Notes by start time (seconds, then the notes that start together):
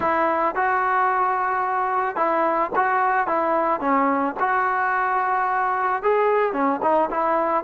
0.00 E4
0.55 F#4
2.16 E4
2.75 F#4
3.27 E4
3.80 C#4
4.39 F#4
6.02 G#4
6.52 C#4
6.82 D#4
7.10 E4